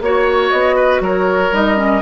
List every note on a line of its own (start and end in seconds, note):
0.00 0.50 A#3
0.00 1.52 F#4
0.00 0.50 C#5
0.00 0.76 C#5
0.50 1.00 B3
0.50 1.01 D#5
0.76 1.01 B4
1.00 1.51 F#3
1.00 2.02 A#4
1.00 1.54 C#5
1.52 2.02 G3
1.52 1.76 D#4
1.52 2.02 D#5
1.76 2.01 C#4